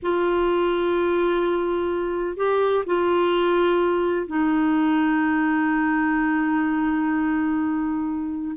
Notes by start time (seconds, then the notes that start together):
0.02 F4
2.37 G4
2.85 F4
4.26 D#4